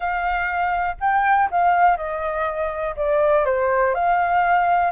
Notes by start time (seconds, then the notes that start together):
0.00 F5
1.00 G5
1.50 F5
1.96 D#5
2.96 D5
3.45 C5
3.94 F5